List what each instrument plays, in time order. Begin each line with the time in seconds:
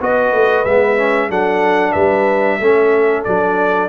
0.00 tuba B3, trombone F#4, horn B4, trumpet D#5
0.32 tuba A3
0.65 tuba G#3, trombone B3, trumpet E5
0.97 trombone C#4
1.29 tuba F#3, trombone D4, horn A4, trumpet F#5
1.91 tuba G3, horn B4, trumpet E5
2.59 tuba A3, trombone C#4, horn A4
3.24 tuba F#3, trombone D4, trumpet D5